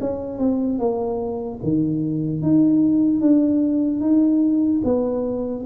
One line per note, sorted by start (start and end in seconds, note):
0.00 0.38 C#4
0.38 0.79 C4
0.79 1.60 A#3
1.63 2.42 D#3
2.42 3.21 D#4
3.21 4.00 D4
4.00 4.81 D#4
4.84 5.65 B3